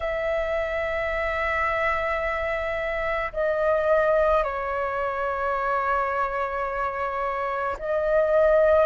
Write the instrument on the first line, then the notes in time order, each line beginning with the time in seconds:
flute
0.00 E5
3.32 D#5
4.43 C#5
7.78 D#5